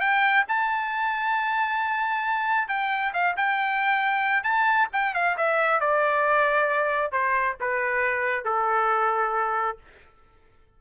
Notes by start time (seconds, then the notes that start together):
0.00 G5
0.48 A5
2.68 G5
3.13 F5
3.36 G5
4.43 A5
4.92 G5
5.14 F5
5.37 E5
5.80 D5
7.12 C5
7.60 B4
8.44 A4